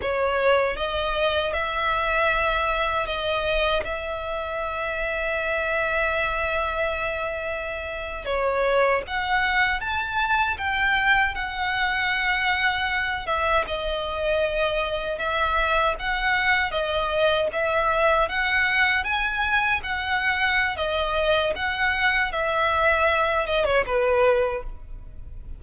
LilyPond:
\new Staff \with { instrumentName = "violin" } { \time 4/4 \tempo 4 = 78 cis''4 dis''4 e''2 | dis''4 e''2.~ | e''2~ e''8. cis''4 fis''16~ | fis''8. a''4 g''4 fis''4~ fis''16~ |
fis''4~ fis''16 e''8 dis''2 e''16~ | e''8. fis''4 dis''4 e''4 fis''16~ | fis''8. gis''4 fis''4~ fis''16 dis''4 | fis''4 e''4. dis''16 cis''16 b'4 | }